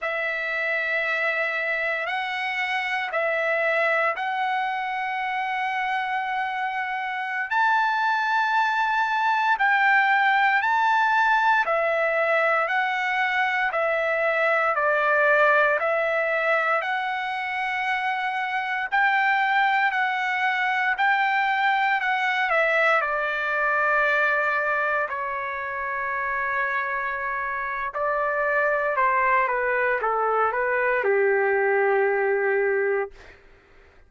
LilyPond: \new Staff \with { instrumentName = "trumpet" } { \time 4/4 \tempo 4 = 58 e''2 fis''4 e''4 | fis''2.~ fis''16 a''8.~ | a''4~ a''16 g''4 a''4 e''8.~ | e''16 fis''4 e''4 d''4 e''8.~ |
e''16 fis''2 g''4 fis''8.~ | fis''16 g''4 fis''8 e''8 d''4.~ d''16~ | d''16 cis''2~ cis''8. d''4 | c''8 b'8 a'8 b'8 g'2 | }